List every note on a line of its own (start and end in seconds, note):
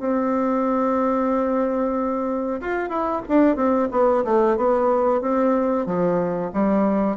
0.00 2.61 C4
2.61 2.89 F4
2.89 3.22 E4
3.29 3.56 D4
3.56 3.89 C4
3.92 4.24 B3
4.25 4.57 A3
4.57 5.21 B3
5.21 5.86 C4
5.86 6.51 F3
6.54 7.17 G3